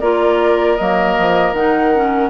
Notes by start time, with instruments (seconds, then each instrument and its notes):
0.00 bassoon A#3, clarinet F4, oboe A#4, flute D5
0.76 bassoon F#3, clarinet A#3, flute D#5
1.19 bassoon F3
1.53 bassoon D#3, clarinet D#4, flute F#5
1.95 clarinet C#4